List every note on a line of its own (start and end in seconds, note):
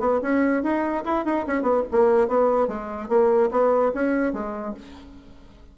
0.00 0.21 B3
0.22 0.63 C#4
0.63 1.04 D#4
1.05 1.25 E4
1.25 1.46 D#4
1.47 1.62 C#4
1.62 1.83 B3
1.91 2.28 A#3
2.28 2.68 B3
2.68 3.09 G#3
3.09 3.50 A#3
3.51 3.92 B3
3.94 4.33 C#4
4.33 4.74 G#3